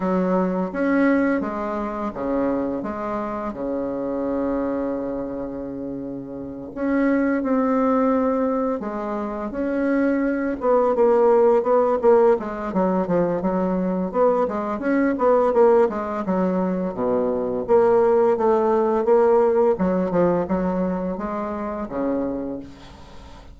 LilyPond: \new Staff \with { instrumentName = "bassoon" } { \time 4/4 \tempo 4 = 85 fis4 cis'4 gis4 cis4 | gis4 cis2.~ | cis4. cis'4 c'4.~ | c'8 gis4 cis'4. b8 ais8~ |
ais8 b8 ais8 gis8 fis8 f8 fis4 | b8 gis8 cis'8 b8 ais8 gis8 fis4 | b,4 ais4 a4 ais4 | fis8 f8 fis4 gis4 cis4 | }